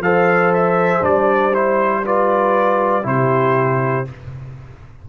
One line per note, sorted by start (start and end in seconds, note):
0.00 1.02 F3
0.00 1.01 A4
0.00 2.05 C5
0.00 0.53 F5
0.53 1.04 E5
1.01 3.05 G3
1.01 1.51 D4
1.01 1.54 D5
1.53 2.04 E4
1.53 2.05 C5
2.05 3.03 F4
2.05 3.07 B4
2.05 3.07 D5
3.03 4.06 C3
3.03 4.04 E4
3.03 4.08 G4
3.03 4.08 C5